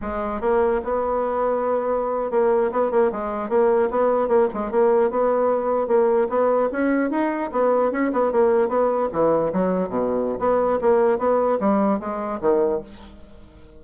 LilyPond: \new Staff \with { instrumentName = "bassoon" } { \time 4/4 \tempo 4 = 150 gis4 ais4 b2~ | b4.~ b16 ais4 b8 ais8 gis16~ | gis8. ais4 b4 ais8 gis8 ais16~ | ais8. b2 ais4 b16~ |
b8. cis'4 dis'4 b4 cis'16~ | cis'16 b8 ais4 b4 e4 fis16~ | fis8. b,4~ b,16 b4 ais4 | b4 g4 gis4 dis4 | }